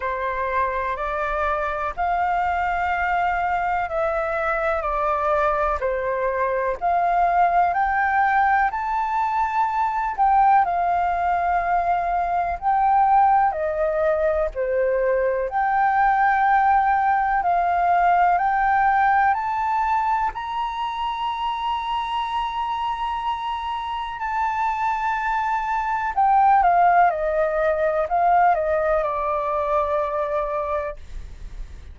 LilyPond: \new Staff \with { instrumentName = "flute" } { \time 4/4 \tempo 4 = 62 c''4 d''4 f''2 | e''4 d''4 c''4 f''4 | g''4 a''4. g''8 f''4~ | f''4 g''4 dis''4 c''4 |
g''2 f''4 g''4 | a''4 ais''2.~ | ais''4 a''2 g''8 f''8 | dis''4 f''8 dis''8 d''2 | }